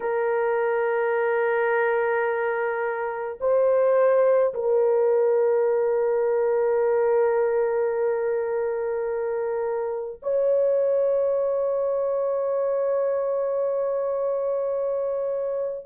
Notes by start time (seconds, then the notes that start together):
0.00 A#4
3.40 C5
4.54 A#4
10.22 C#5